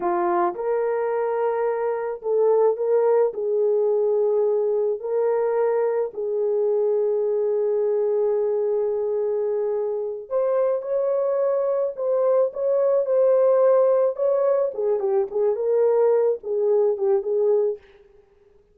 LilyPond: \new Staff \with { instrumentName = "horn" } { \time 4/4 \tempo 4 = 108 f'4 ais'2. | a'4 ais'4 gis'2~ | gis'4 ais'2 gis'4~ | gis'1~ |
gis'2~ gis'8 c''4 cis''8~ | cis''4. c''4 cis''4 c''8~ | c''4. cis''4 gis'8 g'8 gis'8 | ais'4. gis'4 g'8 gis'4 | }